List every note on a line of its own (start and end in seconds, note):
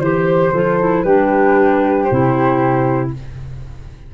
0.00 0.52 E3
0.00 0.55 G4
0.00 0.52 C5
0.00 1.05 C5
0.53 1.05 F3
0.53 0.80 F4
0.53 1.03 A4
0.80 1.06 E4
1.03 2.08 G3
1.03 2.10 D4
1.03 3.12 G4
1.03 2.05 B4
2.05 3.08 C5
2.11 3.15 C3
2.11 3.15 E4